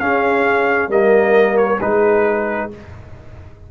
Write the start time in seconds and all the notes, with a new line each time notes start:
0.00 C#4 G#4 F5
0.89 G3 A#3 A#4 D#5
1.58 C#5
1.79 G#3 D#4 G#4 B4